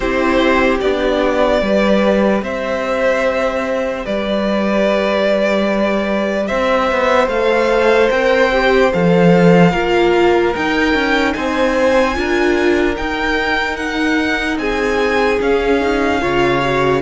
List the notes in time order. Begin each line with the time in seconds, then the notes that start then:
0.00 C4 E4 G4 C5
0.80 B3 D4 D5
1.61 G3 G4 B4
2.42 C4 C5 E5
4.05 G3 B4 D5
6.47 C4 C5 E5
6.91 B3
7.27 A3 A4 F5
8.10 C4 A#4 G5
8.52 G4
8.93 F3 A4 F5
9.71 A#3 F4 A#4
10.55 D#4 G5
10.94 C#4
11.33 C4 C5 G#5
12.14 D4 F4 A#4
12.96 D#4 G5
13.76 F#5
14.57 C4 G#4 G#5
15.40 C#4 F5
15.80 D#4
16.20 C#3 F4 C#5
16.63 F#4